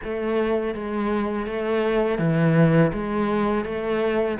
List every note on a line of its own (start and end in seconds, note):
0.03 0.74 A3
0.74 1.46 G#3
1.46 2.18 A3
2.18 2.91 E3
2.93 3.64 G#3
3.64 4.37 A3